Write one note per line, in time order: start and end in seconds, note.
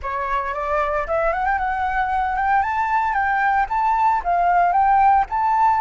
0.02 0.54 C#5
0.54 1.06 D5
1.07 1.32 E5
1.32 1.45 F#5
1.45 1.58 G5
1.58 2.36 F#5
2.36 2.62 G5
2.62 3.13 A5
3.13 3.66 G5
3.69 4.22 A5
4.24 4.72 F5
4.72 5.25 G5
5.29 5.80 A5